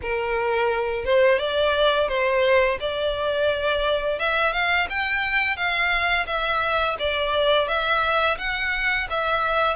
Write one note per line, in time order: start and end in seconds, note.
0.02 1.05 A#4
1.05 1.38 C5
1.38 2.08 D5
2.08 2.78 C5
2.79 4.19 D5
4.19 4.53 E5
4.53 4.87 F5
4.89 5.56 G5
5.56 6.26 F5
6.26 6.96 E5
6.99 7.67 D5
7.67 8.37 E5
8.38 9.07 F#5
9.10 9.76 E5